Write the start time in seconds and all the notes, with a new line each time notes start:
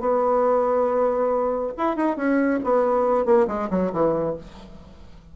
0.00 B3
1.77 E4
1.96 D#4
2.16 C#4
2.63 B3
3.25 A#3
3.47 G#3
3.70 F#3
3.92 E3